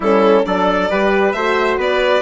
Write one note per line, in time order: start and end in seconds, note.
0.00 0.42 G3
0.00 0.45 C#4
0.00 0.43 E4
0.00 0.45 A4
0.45 0.90 F#3
0.45 0.89 D4
0.45 0.90 A4
0.45 1.32 D5
0.89 1.34 G3
0.89 1.34 G4
0.89 1.35 B4
1.32 1.77 A3
1.32 2.22 F#4
1.32 1.78 C5
1.32 1.76 E5
1.77 2.22 B3
1.77 2.22 B4
1.77 2.22 D5